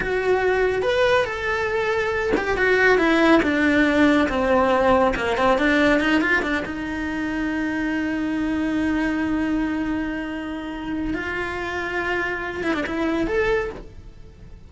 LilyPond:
\new Staff \with { instrumentName = "cello" } { \time 4/4 \tempo 4 = 140 fis'2 b'4 a'4~ | a'4. g'8 fis'4 e'4 | d'2 c'2 | ais8 c'8 d'4 dis'8 f'8 d'8 dis'8~ |
dis'1~ | dis'1~ | dis'2 f'2~ | f'4. e'16 d'16 e'4 a'4 | }